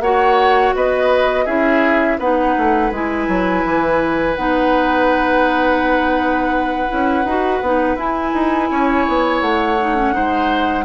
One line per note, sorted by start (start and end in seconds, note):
0.00 0.72 A#3
0.00 1.47 F#4
0.00 0.75 C#5
0.00 0.74 F#5
0.75 1.47 B3
0.75 1.45 B4
0.75 1.47 D#5
1.45 2.19 C#4
1.45 2.20 E4
1.45 2.17 G#4
1.45 2.19 E5
2.19 2.55 B3
2.19 2.93 D#4
2.19 8.70 B4
2.19 2.92 F#5
2.58 2.92 A3
2.92 3.28 G#3
2.92 4.37 E4
2.92 4.36 G#5
3.28 3.65 F#3
3.65 4.37 E3
4.36 6.90 B3
4.36 6.88 D#4
4.36 7.97 F#5
6.88 7.25 C#4
6.88 7.25 E4
7.25 7.61 D#4
7.25 7.64 F#4
7.62 7.96 B3
7.62 7.97 D#4
7.96 8.32 E4
7.96 9.78 E4
7.96 9.41 G#5
8.34 8.71 D#4
8.71 9.07 C#4
8.71 10.15 C#5
9.08 9.42 B3
9.41 10.14 A3
9.41 10.85 F#5
9.80 9.96 D#4
9.96 10.13 C#4
10.13 10.85 G#3
10.13 10.85 D#4
10.13 10.85 C5